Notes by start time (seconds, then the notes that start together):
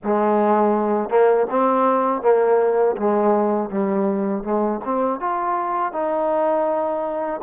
0.03 G#3
1.09 A#3
1.49 C4
2.22 A#3
2.96 G#3
3.70 G3
4.43 G#3
4.84 C4
5.20 F4
5.92 D#4